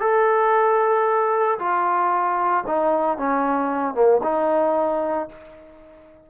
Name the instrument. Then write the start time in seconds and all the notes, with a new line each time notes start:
trombone
0.00 A4
1.58 F4
2.67 D#4
3.17 C#4
3.94 A#3
4.23 D#4